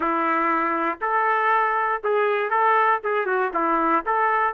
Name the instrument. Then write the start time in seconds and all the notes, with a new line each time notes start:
trumpet
0.00 E4
1.01 A4
2.03 G#4
2.50 A4
3.03 G#4
3.26 F#4
3.53 E4
4.05 A4